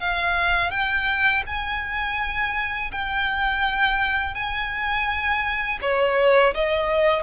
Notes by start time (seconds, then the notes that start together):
0.00 F5
0.71 G5
1.47 G#5
2.91 G5
4.34 G#5
5.82 C#5
6.55 D#5